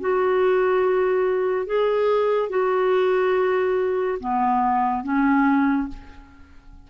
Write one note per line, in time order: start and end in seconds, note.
0.00 1.66 F#4
1.66 2.49 G#4
2.49 4.18 F#4
4.19 5.03 B3
5.03 5.88 C#4